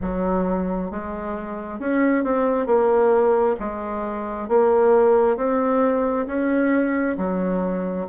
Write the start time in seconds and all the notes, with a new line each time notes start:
0.01 F#3
0.90 G#3
1.79 C#4
2.24 C4
2.66 A#3
3.59 G#3
4.48 A#3
5.36 C4
6.26 C#4
7.17 F#3